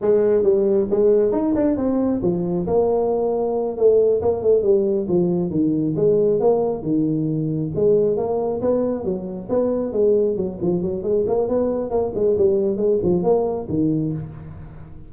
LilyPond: \new Staff \with { instrumentName = "tuba" } { \time 4/4 \tempo 4 = 136 gis4 g4 gis4 dis'8 d'8 | c'4 f4 ais2~ | ais8 a4 ais8 a8 g4 f8~ | f8 dis4 gis4 ais4 dis8~ |
dis4. gis4 ais4 b8~ | b8 fis4 b4 gis4 fis8 | f8 fis8 gis8 ais8 b4 ais8 gis8 | g4 gis8 f8 ais4 dis4 | }